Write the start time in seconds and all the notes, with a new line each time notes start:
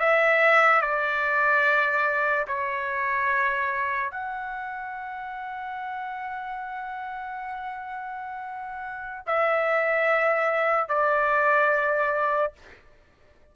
0.00 E5
0.82 D5
2.48 C#5
4.11 F#5
9.27 E5
10.89 D5